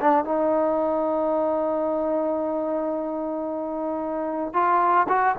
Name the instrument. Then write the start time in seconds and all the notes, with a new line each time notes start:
trombone
0.00 D4
0.25 D#4
4.53 F4
5.09 F#4